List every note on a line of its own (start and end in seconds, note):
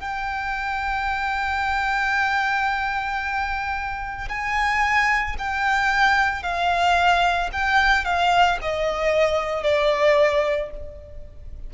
0.00 4.29 G5
4.29 5.36 G#5
5.39 6.42 G5
6.42 7.50 F5
7.52 8.05 G5
8.05 8.59 F5
8.62 9.63 D#5
9.63 10.70 D5